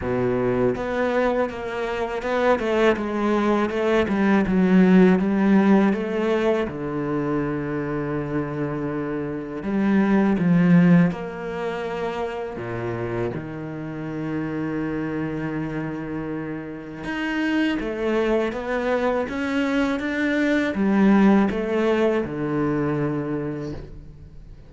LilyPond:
\new Staff \with { instrumentName = "cello" } { \time 4/4 \tempo 4 = 81 b,4 b4 ais4 b8 a8 | gis4 a8 g8 fis4 g4 | a4 d2.~ | d4 g4 f4 ais4~ |
ais4 ais,4 dis2~ | dis2. dis'4 | a4 b4 cis'4 d'4 | g4 a4 d2 | }